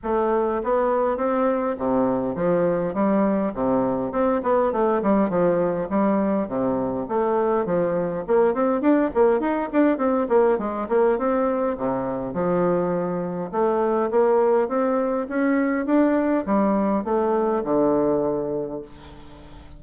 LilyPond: \new Staff \with { instrumentName = "bassoon" } { \time 4/4 \tempo 4 = 102 a4 b4 c'4 c4 | f4 g4 c4 c'8 b8 | a8 g8 f4 g4 c4 | a4 f4 ais8 c'8 d'8 ais8 |
dis'8 d'8 c'8 ais8 gis8 ais8 c'4 | c4 f2 a4 | ais4 c'4 cis'4 d'4 | g4 a4 d2 | }